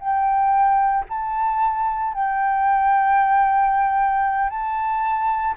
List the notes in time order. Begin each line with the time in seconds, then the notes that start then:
0.00 G5
1.09 A5
2.14 G5
4.50 A5